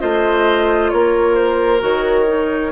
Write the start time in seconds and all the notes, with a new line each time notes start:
0.00 A3 F4 C5 D#5
0.91 A#3 A#4 C#5
1.35 C5
1.80 D#3 F#4 C#5
2.27 D#4